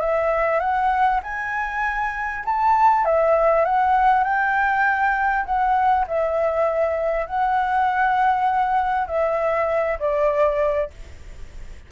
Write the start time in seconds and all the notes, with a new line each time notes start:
0.00 E5
0.60 F#5
1.23 G#5
2.45 A5
3.05 E5
3.65 F#5
4.24 G5
5.45 F#5
6.07 E5
7.26 F#5
9.07 E5
9.99 D5